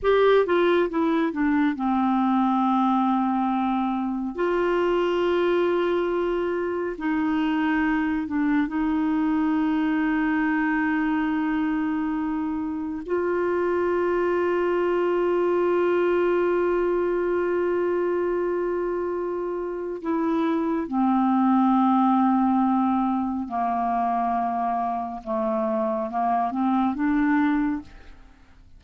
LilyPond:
\new Staff \with { instrumentName = "clarinet" } { \time 4/4 \tempo 4 = 69 g'8 f'8 e'8 d'8 c'2~ | c'4 f'2. | dis'4. d'8 dis'2~ | dis'2. f'4~ |
f'1~ | f'2. e'4 | c'2. ais4~ | ais4 a4 ais8 c'8 d'4 | }